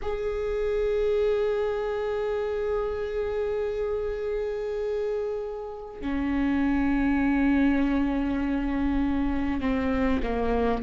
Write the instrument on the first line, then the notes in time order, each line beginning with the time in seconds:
viola
0.02 G#4
6.01 C#4
9.60 C4
10.23 A#3